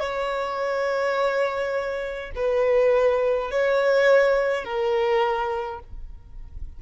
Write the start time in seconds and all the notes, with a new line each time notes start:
0.00 C#5
2.35 B4
3.51 C#5
4.64 A#4